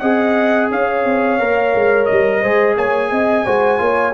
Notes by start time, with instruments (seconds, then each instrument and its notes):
0.00 tuba C4, trombone G#4, horn D#5, trumpet F#5
0.72 tuba C#4, horn C#5, trumpet F5
1.05 tuba C4
1.40 tuba A#3, trombone A#4
1.75 tuba G#3
2.06 tuba G3, trumpet D#5
2.42 tuba G#3, trombone G#4, horn C5
2.76 tuba A#3, horn C#5, trumpet G#5
3.12 tuba C4, horn D#5
3.46 tuba G#3, trombone F#4, horn C5
3.78 tuba A#3, trombone F4, horn C#5